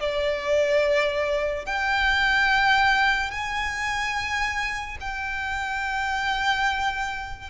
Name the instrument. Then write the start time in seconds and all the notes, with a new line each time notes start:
violin
0.00 D5
1.65 G5
3.31 G#5
5.00 G5